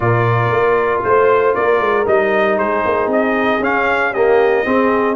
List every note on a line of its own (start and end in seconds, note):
0.00 0.50 A#2
0.00 2.05 F4
0.00 1.06 A#4
0.00 1.02 D5
0.50 1.02 A#3
1.03 1.55 A3
1.03 1.54 C5
1.54 1.80 A#3
1.54 2.58 A#4
1.54 2.06 D5
1.80 2.06 G#3
2.05 2.58 G3
2.05 3.61 D#4
2.05 2.58 D#5
2.58 2.84 G#3
2.58 4.12 G#4
2.58 3.09 C5
2.85 3.06 A#3
3.06 3.58 C4
3.06 3.63 D#5
3.59 4.62 C#4
3.59 4.14 C#4
3.59 4.13 F5
4.12 4.65 A#3
4.12 4.64 G4
4.12 5.15 D#5
4.65 5.15 C4
4.65 5.15 G#4